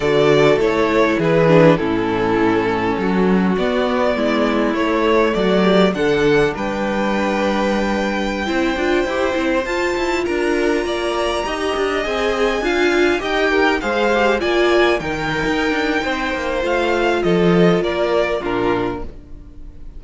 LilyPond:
<<
  \new Staff \with { instrumentName = "violin" } { \time 4/4 \tempo 4 = 101 d''4 cis''4 b'4 a'4~ | a'2 d''2 | cis''4 d''4 fis''4 g''4~ | g''1~ |
g''16 a''4 ais''2~ ais''8.~ | ais''16 gis''2 g''4 f''8.~ | f''16 gis''4 g''2~ g''8. | f''4 dis''4 d''4 ais'4 | }
  \new Staff \with { instrumentName = "violin" } { \time 4/4 a'2 gis'4 e'4~ | e'4 fis'2 e'4~ | e'4 fis'8 g'8 a'4 b'4~ | b'2~ b'16 c''4.~ c''16~ |
c''4~ c''16 ais'4 d''4 dis''8.~ | dis''4~ dis''16 f''4 dis''8 ais'8 c''8.~ | c''16 d''4 ais'4.~ ais'16 c''4~ | c''4 a'4 ais'4 f'4 | }
  \new Staff \with { instrumentName = "viola" } { \time 4/4 fis'4 e'4. d'8 cis'4~ | cis'2 b2 | a2 d'2~ | d'2~ d'16 e'8 f'8 g'8 e'16~ |
e'16 f'2. g'8.~ | g'16 gis'4 f'4 g'4 gis'8 g'16~ | g'16 f'4 dis'2~ dis'8. | f'2. d'4 | }
  \new Staff \with { instrumentName = "cello" } { \time 4/4 d4 a4 e4 a,4~ | a,4 fis4 b4 gis4 | a4 fis4 d4 g4~ | g2~ g16 c'8 d'8 e'8 c'16~ |
c'16 f'8 e'8 d'4 ais4 dis'8 d'16~ | d'16 c'4 d'4 dis'4 gis8.~ | gis16 ais4 dis8. dis'8 d'8 c'8 ais8 | a4 f4 ais4 ais,4 | }
>>